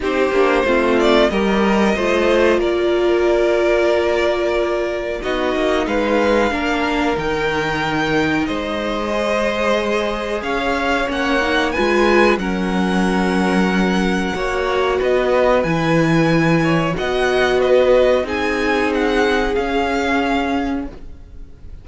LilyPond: <<
  \new Staff \with { instrumentName = "violin" } { \time 4/4 \tempo 4 = 92 c''4. d''8 dis''2 | d''1 | dis''4 f''2 g''4~ | g''4 dis''2. |
f''4 fis''4 gis''4 fis''4~ | fis''2. dis''4 | gis''2 fis''4 dis''4 | gis''4 fis''4 f''2 | }
  \new Staff \with { instrumentName = "violin" } { \time 4/4 g'4 f'4 ais'4 c''4 | ais'1 | fis'4 b'4 ais'2~ | ais'4 c''2. |
cis''2 b'4 ais'4~ | ais'2 cis''4 b'4~ | b'4. cis''8 dis''4 b'4 | gis'1 | }
  \new Staff \with { instrumentName = "viola" } { \time 4/4 dis'8 d'8 c'4 g'4 f'4~ | f'1 | dis'2 d'4 dis'4~ | dis'2 gis'2~ |
gis'4 cis'8 dis'8 f'4 cis'4~ | cis'2 fis'2 | e'2 fis'2 | dis'2 cis'2 | }
  \new Staff \with { instrumentName = "cello" } { \time 4/4 c'8 ais8 a4 g4 a4 | ais1 | b8 ais8 gis4 ais4 dis4~ | dis4 gis2. |
cis'4 ais4 gis4 fis4~ | fis2 ais4 b4 | e2 b2 | c'2 cis'2 | }
>>